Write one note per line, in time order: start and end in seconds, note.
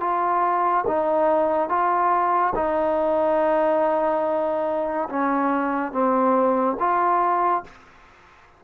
0.00 0.85 F4
0.87 1.69 D#4
1.69 2.53 F4
2.55 5.08 D#4
5.09 5.92 C#4
5.92 6.76 C4
6.79 7.64 F4